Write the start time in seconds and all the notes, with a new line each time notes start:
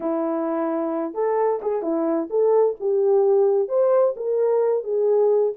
0.00 E4
1.13 A4
1.62 G#4
1.82 E4
2.30 A4
2.79 G4
3.68 C5
4.16 A#4
4.83 G#4